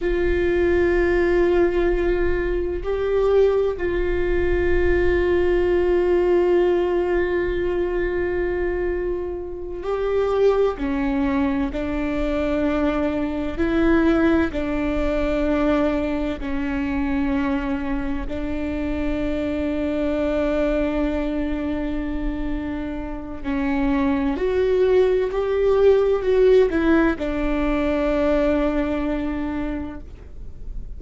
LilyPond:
\new Staff \with { instrumentName = "viola" } { \time 4/4 \tempo 4 = 64 f'2. g'4 | f'1~ | f'2~ f'8 g'4 cis'8~ | cis'8 d'2 e'4 d'8~ |
d'4. cis'2 d'8~ | d'1~ | d'4 cis'4 fis'4 g'4 | fis'8 e'8 d'2. | }